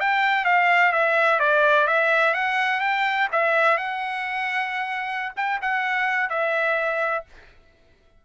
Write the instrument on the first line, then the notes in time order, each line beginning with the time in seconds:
trumpet
0.00 G5
0.44 F5
0.92 E5
1.40 D5
1.87 E5
2.34 F#5
2.80 G5
3.32 E5
3.77 F#5
5.36 G5
5.61 F#5
6.29 E5